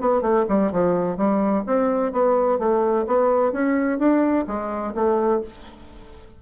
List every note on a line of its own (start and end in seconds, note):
0.00 0.22 B3
0.22 0.45 A3
0.48 0.72 G3
0.72 1.17 F3
1.17 1.64 G3
1.66 2.12 C4
2.12 2.59 B3
2.59 3.06 A3
3.07 3.52 B3
3.52 3.98 C#4
3.98 4.45 D4
4.47 4.94 G#3
4.95 5.41 A3